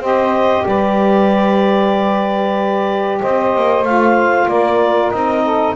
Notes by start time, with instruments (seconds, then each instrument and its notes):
0.00 double bass C4, saxophone G4 C5, clarinet D#5
0.65 double bass G3, saxophone B4, clarinet D5
3.21 double bass C4, saxophone C5, clarinet D#5
3.55 double bass A#3
3.82 double bass A3, saxophone F4, clarinet F5
4.48 double bass A#3, saxophone A#4, clarinet D5
5.10 double bass C4, saxophone D#4, clarinet D#5
5.43 saxophone A4